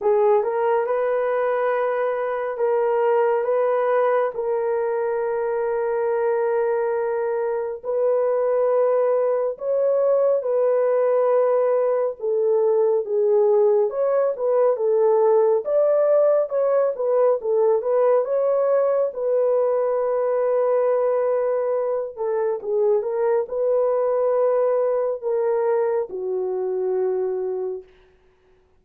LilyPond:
\new Staff \with { instrumentName = "horn" } { \time 4/4 \tempo 4 = 69 gis'8 ais'8 b'2 ais'4 | b'4 ais'2.~ | ais'4 b'2 cis''4 | b'2 a'4 gis'4 |
cis''8 b'8 a'4 d''4 cis''8 b'8 | a'8 b'8 cis''4 b'2~ | b'4. a'8 gis'8 ais'8 b'4~ | b'4 ais'4 fis'2 | }